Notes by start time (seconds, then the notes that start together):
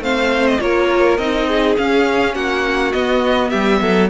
0.00 A3 C4 C5 F5
0.47 D#5
0.60 A#3 F4 A#4 C#5
1.17 C4 D#4 D#5
1.47 G#4
1.77 C#4 F5
2.35 A#3 F#4 F#5
2.92 B3 D#5
3.50 G3 G4 E5
3.81 F#3 A4